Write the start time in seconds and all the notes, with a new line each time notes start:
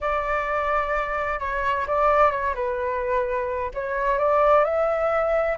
0.00 D5
1.39 C#5
1.87 D5
2.31 C#5
2.55 B4
3.74 C#5
4.18 D5
4.64 E5